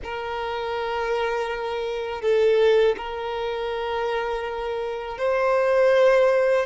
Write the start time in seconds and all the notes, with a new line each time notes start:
0.03 A#4
2.21 A4
2.97 A#4
5.18 C5